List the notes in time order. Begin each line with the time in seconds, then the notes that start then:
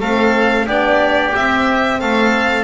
0.00 A3 C4 A4 F5
0.67 B3 D4 G4 D5
1.34 C4 E5
1.99 A3 A4 F5